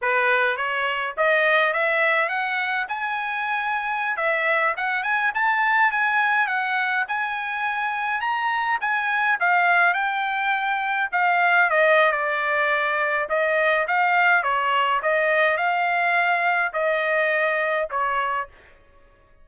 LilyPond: \new Staff \with { instrumentName = "trumpet" } { \time 4/4 \tempo 4 = 104 b'4 cis''4 dis''4 e''4 | fis''4 gis''2~ gis''16 e''8.~ | e''16 fis''8 gis''8 a''4 gis''4 fis''8.~ | fis''16 gis''2 ais''4 gis''8.~ |
gis''16 f''4 g''2 f''8.~ | f''16 dis''8. d''2 dis''4 | f''4 cis''4 dis''4 f''4~ | f''4 dis''2 cis''4 | }